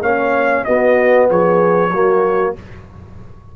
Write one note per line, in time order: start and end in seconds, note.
0.00 0.62 A#3
0.00 0.65 C#4
0.00 0.64 C#5
0.00 0.64 F5
0.64 1.90 B3
0.64 1.29 B3
0.64 1.29 F#4
0.64 1.27 D#5
1.29 1.90 F3
1.29 1.91 G#4
1.29 2.55 C#5
1.90 2.52 F#3
1.90 2.55 A#3
1.90 2.53 F#4